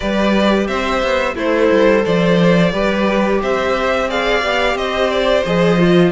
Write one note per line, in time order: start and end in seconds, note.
0.00 0.68 G3
0.00 1.37 G4
0.00 0.67 B4
0.00 0.67 D5
0.67 1.02 C4
0.67 1.35 C5
0.67 1.35 E5
1.02 1.35 B3
1.35 1.69 A3
1.35 2.03 E4
1.35 2.72 A4
1.35 2.05 C5
1.71 2.05 G3
2.03 2.73 F3
2.03 2.72 C5
2.03 3.41 D5
2.72 3.41 G3
2.72 4.08 G4
2.72 3.41 B4
3.42 4.44 C4
3.42 4.09 C5
3.42 4.10 E5
4.08 4.42 G#4
4.08 4.77 D5
4.08 4.77 F5
4.43 4.74 B3
4.43 5.45 G4
4.74 5.42 C4
4.74 6.12 C5
4.74 5.10 D#5
5.10 5.44 D5
5.44 6.12 F3
5.44 5.78 G#4
5.44 6.12 D#5
5.78 6.12 F4